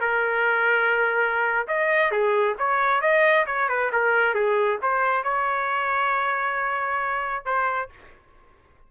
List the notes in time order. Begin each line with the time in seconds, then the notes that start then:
0.00 A#4
1.67 D#5
2.11 G#4
2.58 C#5
3.01 D#5
3.46 C#5
3.68 B4
3.92 A#4
4.34 G#4
4.82 C5
5.23 C#5
7.45 C5